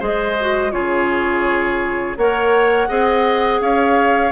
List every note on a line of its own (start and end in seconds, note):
0.00 0.73 G#3
0.00 0.36 G#4
0.00 0.72 C5
0.00 0.72 D#5
0.41 0.72 F#4
0.72 2.17 C#3
0.72 2.16 F4
0.72 2.19 G#4
0.72 2.17 C#5
2.17 2.89 A#3
2.17 2.89 A#4
2.17 2.89 C#5
2.17 3.62 F#5
2.89 3.61 C4
2.89 4.33 G#4
2.89 3.61 D#5
3.61 4.33 C#4
3.61 4.33 C#5
3.61 4.33 F5